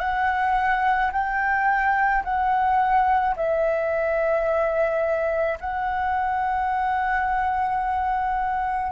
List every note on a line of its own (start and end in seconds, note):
0.00 1.11 F#5
1.13 2.24 G5
2.24 3.35 F#5
3.36 5.59 E5
5.61 8.92 F#5